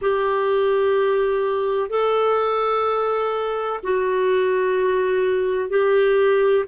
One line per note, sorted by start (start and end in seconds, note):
0.01 1.89 G4
1.89 3.80 A4
3.83 5.69 F#4
5.69 6.65 G4